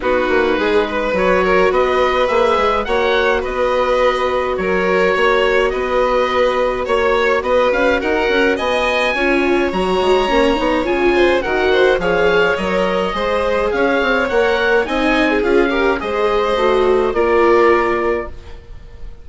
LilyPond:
<<
  \new Staff \with { instrumentName = "oboe" } { \time 4/4 \tempo 4 = 105 b'2 cis''4 dis''4 | e''4 fis''4 dis''2 | cis''2 dis''2 | cis''4 dis''8 f''8 fis''4 gis''4~ |
gis''4 ais''2 gis''4 | fis''4 f''4 dis''2 | f''4 fis''4 gis''4 f''4 | dis''2 d''2 | }
  \new Staff \with { instrumentName = "violin" } { \time 4/4 fis'4 gis'8 b'4 ais'8 b'4~ | b'4 cis''4 b'2 | ais'4 cis''4 b'2 | cis''4 b'4 ais'4 dis''4 |
cis''2.~ cis''8 c''8 | ais'8 c''8 cis''2 c''4 | cis''2 dis''8. gis'8. ais'8 | c''2 ais'2 | }
  \new Staff \with { instrumentName = "viola" } { \time 4/4 dis'2 fis'2 | gis'4 fis'2.~ | fis'1~ | fis'1 |
f'4 fis'4 cis'8 dis'8 f'4 | fis'4 gis'4 ais'4 gis'4~ | gis'4 ais'4 dis'4 f'8 g'8 | gis'4 fis'4 f'2 | }
  \new Staff \with { instrumentName = "bassoon" } { \time 4/4 b8 ais8 gis4 fis4 b4 | ais8 gis8 ais4 b2 | fis4 ais4 b2 | ais4 b8 cis'8 dis'8 cis'8 b4 |
cis'4 fis8 gis8 ais8 b8 cis4 | dis4 f4 fis4 gis4 | cis'8 c'8 ais4 c'4 cis'4 | gis4 a4 ais2 | }
>>